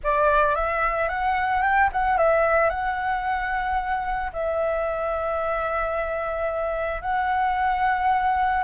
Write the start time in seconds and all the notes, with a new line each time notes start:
0.03 D5
0.55 E5
1.08 F#5
1.62 G5
1.92 F#5
2.17 E5
2.69 F#5
4.32 E5
7.01 F#5